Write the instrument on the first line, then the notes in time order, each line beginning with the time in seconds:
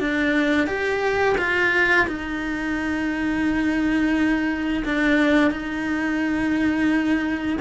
cello
0.00 D4
0.67 G4
1.38 F4
2.08 D#4
4.85 D4
5.51 D#4